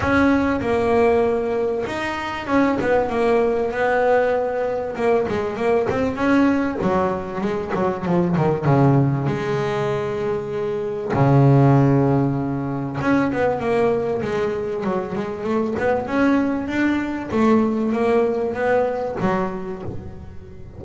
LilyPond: \new Staff \with { instrumentName = "double bass" } { \time 4/4 \tempo 4 = 97 cis'4 ais2 dis'4 | cis'8 b8 ais4 b2 | ais8 gis8 ais8 c'8 cis'4 fis4 | gis8 fis8 f8 dis8 cis4 gis4~ |
gis2 cis2~ | cis4 cis'8 b8 ais4 gis4 | fis8 gis8 a8 b8 cis'4 d'4 | a4 ais4 b4 fis4 | }